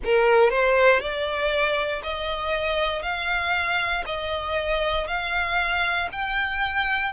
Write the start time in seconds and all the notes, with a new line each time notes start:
0.04 A#4
0.49 C5
1.00 D5
2.03 D#5
3.02 F5
4.05 D#5
5.07 F5
6.12 G5